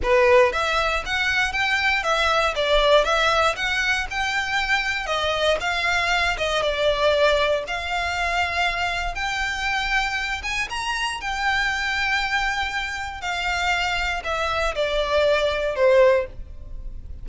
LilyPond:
\new Staff \with { instrumentName = "violin" } { \time 4/4 \tempo 4 = 118 b'4 e''4 fis''4 g''4 | e''4 d''4 e''4 fis''4 | g''2 dis''4 f''4~ | f''8 dis''8 d''2 f''4~ |
f''2 g''2~ | g''8 gis''8 ais''4 g''2~ | g''2 f''2 | e''4 d''2 c''4 | }